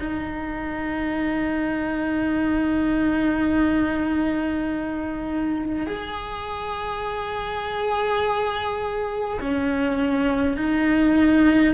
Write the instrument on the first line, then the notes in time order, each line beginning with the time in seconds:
cello
0.00 D#4
5.87 G#4
9.41 C#4
10.57 D#4